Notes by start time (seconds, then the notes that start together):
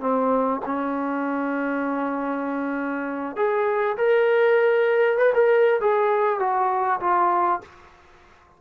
0.00 C4
0.65 C#4
3.36 G#4
3.97 A#4
5.18 B4
5.34 A#4
5.80 G#4
6.39 F#4
7.00 F4